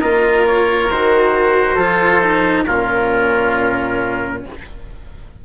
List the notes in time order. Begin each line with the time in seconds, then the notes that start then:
0.00 A#3 F4 A#4 D#5
0.47 C#5
0.90 D#3 F#4 C5
1.75 F3 F4 A4
2.22 D#4
2.67 A#2 C#4 F4 A#4